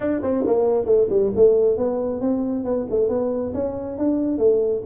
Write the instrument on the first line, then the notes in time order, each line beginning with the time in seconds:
tuba
0.00 D4
0.22 C4
0.46 A#3
0.85 A3
1.09 G3
1.35 A3
1.77 B3
2.21 C4
2.64 B3
2.90 A3
3.09 B3
3.54 C#4
3.97 D4
4.38 A3